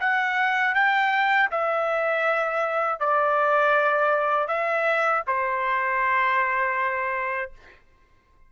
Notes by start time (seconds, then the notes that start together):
0.00 F#5
0.74 G5
1.51 E5
3.00 D5
4.48 E5
5.27 C5